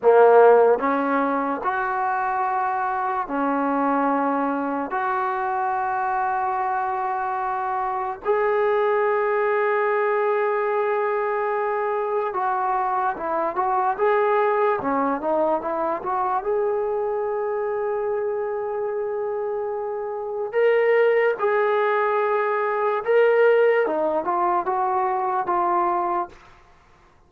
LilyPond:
\new Staff \with { instrumentName = "trombone" } { \time 4/4 \tempo 4 = 73 ais4 cis'4 fis'2 | cis'2 fis'2~ | fis'2 gis'2~ | gis'2. fis'4 |
e'8 fis'8 gis'4 cis'8 dis'8 e'8 fis'8 | gis'1~ | gis'4 ais'4 gis'2 | ais'4 dis'8 f'8 fis'4 f'4 | }